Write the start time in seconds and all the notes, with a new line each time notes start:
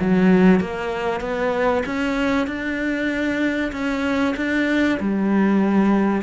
0.00 F#3
0.60 A#3
1.20 B3
1.86 C#4
2.47 D4
3.72 C#4
4.36 D4
4.99 G3